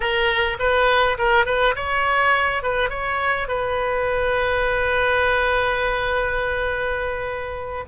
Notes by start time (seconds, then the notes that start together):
0.00 A#4
0.59 B4
1.18 A#4
1.45 B4
1.75 C#5
2.62 B4
2.89 C#5
3.48 B4